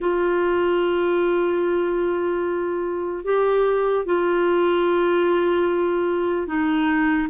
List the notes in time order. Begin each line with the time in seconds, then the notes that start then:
0.00 F4
3.24 G4
4.05 F4
6.46 D#4